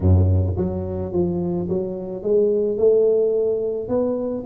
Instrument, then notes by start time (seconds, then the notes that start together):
tuba
0.00 F#2
0.57 F#3
1.12 F3
1.69 F#3
2.22 G#3
2.77 A3
3.88 B3